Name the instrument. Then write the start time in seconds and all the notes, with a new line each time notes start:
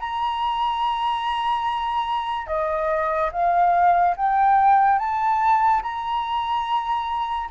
flute
0.00 A#5
2.47 D#5
3.32 F5
4.17 G5
4.99 A5
5.83 A#5